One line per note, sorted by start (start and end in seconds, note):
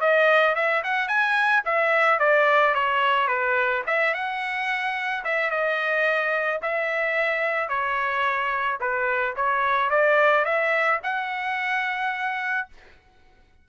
0.00 0.55 D#5
0.55 0.83 E5
0.83 1.08 F#5
1.08 1.63 G#5
1.65 2.19 E5
2.19 2.74 D5
2.74 3.28 C#5
3.28 3.83 B4
3.86 4.14 E5
4.14 5.24 F#5
5.24 5.50 E5
5.50 6.60 D#5
6.62 7.68 E5
7.68 8.78 C#5
8.80 9.35 B4
9.36 9.90 C#5
9.90 10.45 D5
10.45 11.00 E5
11.03 12.68 F#5